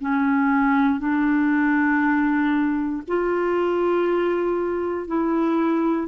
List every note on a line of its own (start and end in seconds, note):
0.00 0.99 C#4
0.99 3.02 D4
3.07 5.07 F4
5.07 6.07 E4